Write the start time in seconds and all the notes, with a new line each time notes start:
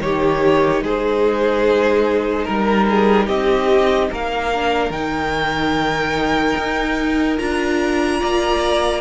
0.00 D#3 D#4 G4 C#5
0.82 G#3 G#4 C5
2.45 G3 A#4
2.90 G#4
3.27 C4 G4 D#5
4.12 A#3 A#4 F5
4.54 D4
4.90 D#3 D#4 G5
6.57 D#4
7.38 D4 F4 A#5
8.20 A#3 D5